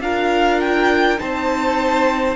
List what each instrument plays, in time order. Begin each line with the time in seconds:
0.00 cello D4, viola F4, violin A#4 F5
0.61 violin G5
1.18 cello C4, viola D#4, violin C5 A5